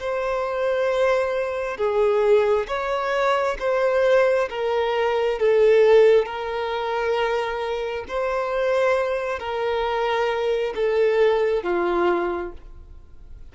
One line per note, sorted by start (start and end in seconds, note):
0.00 1.77 C5
1.77 2.67 G#4
2.68 3.57 C#5
3.59 4.49 C5
4.50 5.39 A#4
5.39 6.26 A4
6.26 8.05 A#4
8.08 9.39 C5
9.39 10.74 A#4
10.75 11.63 A4
11.63 12.53 F4